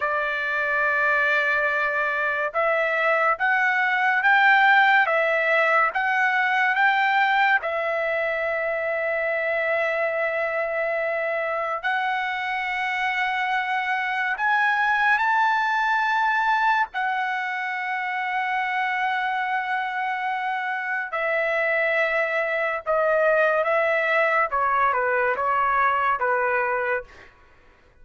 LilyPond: \new Staff \with { instrumentName = "trumpet" } { \time 4/4 \tempo 4 = 71 d''2. e''4 | fis''4 g''4 e''4 fis''4 | g''4 e''2.~ | e''2 fis''2~ |
fis''4 gis''4 a''2 | fis''1~ | fis''4 e''2 dis''4 | e''4 cis''8 b'8 cis''4 b'4 | }